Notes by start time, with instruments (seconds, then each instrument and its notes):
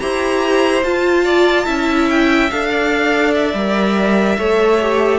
0.00 cello E4, viola G4, violin C5 A#5
0.83 cello F4, viola F4, violin A5
1.25 violin D5
1.65 cello C#4, viola E4, violin E5
2.10 violin G5
2.51 cello D4, viola A4, violin F5
2.70 violin D5
3.34 violin E5
3.54 cello G3, viola A#4
4.39 cello A3, viola A4, violin C#5
4.82 viola G4